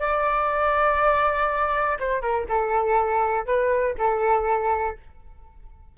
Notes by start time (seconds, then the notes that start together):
0.00 D5
2.00 C5
2.22 A#4
2.49 A4
3.46 B4
3.98 A4